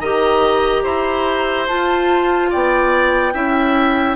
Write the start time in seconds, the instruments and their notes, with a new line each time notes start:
0.00 bassoon D#3, clarinet G4, oboe D#5, flute A#5
0.84 bassoon E4, oboe C5
1.67 clarinet F4, bassoon F4, flute A5
2.50 bassoon B3, oboe D5, flute G5
3.33 bassoon C#4, clarinet E4, oboe E5